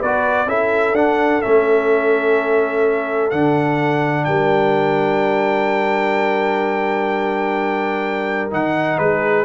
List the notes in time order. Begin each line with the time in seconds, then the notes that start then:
0.00 B3 F#4 B4 D5
0.46 C#4 E4 A4 E5
0.93 D4 F#5
1.42 A3 C#4 E5
3.31 D3 D4 F#5
4.25 G3 A#4 G5
8.51 D#3 D#4 F#5
8.99 G#3 G#4 B4